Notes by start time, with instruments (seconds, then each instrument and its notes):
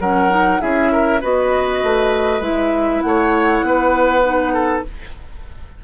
0.00 bassoon F#3, clarinet C#4, oboe A#4, flute F#5
0.30 clarinet D#4
0.60 bassoon C#4, clarinet E4, oboe G#4, flute E5
0.92 oboe A#4
1.21 bassoon B3, clarinet F#4, oboe B4, flute D#5
1.83 bassoon A3
2.40 bassoon G#3, clarinet E4, flute E5
3.02 bassoon A3, oboe C#5, flute F#5
3.62 bassoon B3, oboe B4
4.23 clarinet D#4
4.53 oboe A4